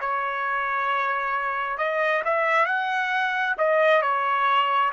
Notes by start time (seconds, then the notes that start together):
0.00 C#5
1.77 D#5
2.24 E5
2.66 F#5
3.58 D#5
4.01 C#5